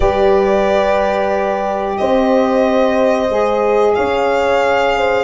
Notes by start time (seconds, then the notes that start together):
0.00 G3 G4 B4 D5
1.97 C4 C5 D#5
3.29 G#3 G#4
3.95 C#4 C#5 F5
4.97 C5